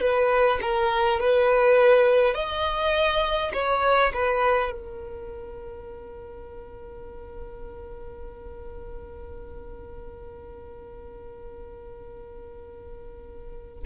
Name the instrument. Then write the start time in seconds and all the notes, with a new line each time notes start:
violin
0.00 B4
0.61 A#4
1.20 B4
2.34 D#5
3.53 C#5
4.13 B4
4.72 A#4